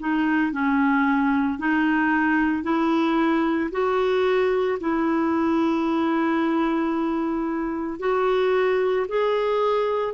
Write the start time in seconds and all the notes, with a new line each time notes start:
0.00 D#4
0.52 C#4
1.59 D#4
2.63 E4
3.72 F#4
4.80 E4
8.00 F#4
9.08 G#4